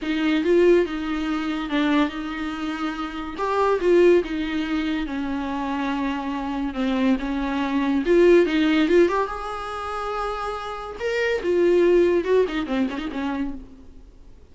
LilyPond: \new Staff \with { instrumentName = "viola" } { \time 4/4 \tempo 4 = 142 dis'4 f'4 dis'2 | d'4 dis'2. | g'4 f'4 dis'2 | cis'1 |
c'4 cis'2 f'4 | dis'4 f'8 g'8 gis'2~ | gis'2 ais'4 f'4~ | f'4 fis'8 dis'8 c'8 cis'16 dis'16 cis'4 | }